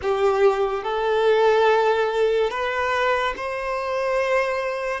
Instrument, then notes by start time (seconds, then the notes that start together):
violin
0.02 G4
0.83 A4
2.50 B4
3.36 C5